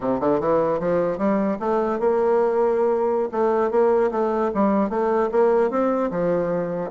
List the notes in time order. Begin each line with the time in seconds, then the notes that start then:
0.00 C3
0.20 D3
0.39 E3
0.79 F3
1.18 G3
1.59 A3
1.99 A#3
3.31 A3
3.70 A#3
4.11 A3
4.54 G3
4.89 A3
5.31 A#3
5.70 C4
6.11 F3